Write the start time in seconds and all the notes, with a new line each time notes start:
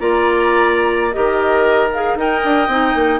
0.00 A#3 F4 D5 A#5
1.12 D#3 G4 A#4 D#5
1.93 G#4 F5
2.15 D#4 A#4 D#5 G5
2.44 D4
2.68 C4 D#4
2.95 A#3